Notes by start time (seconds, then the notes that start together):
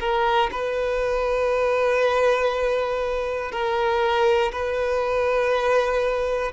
0.00 A#4
0.51 B4
3.51 A#4
4.51 B4